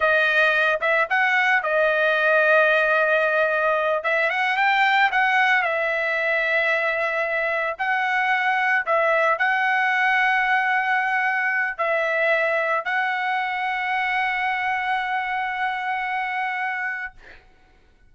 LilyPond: \new Staff \with { instrumentName = "trumpet" } { \time 4/4 \tempo 4 = 112 dis''4. e''8 fis''4 dis''4~ | dis''2.~ dis''8 e''8 | fis''8 g''4 fis''4 e''4.~ | e''2~ e''8 fis''4.~ |
fis''8 e''4 fis''2~ fis''8~ | fis''2 e''2 | fis''1~ | fis''1 | }